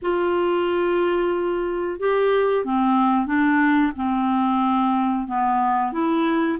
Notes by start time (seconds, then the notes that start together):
0.01 F4
1.99 G4
2.65 C4
3.26 D4
3.96 C4
5.27 B3
5.92 E4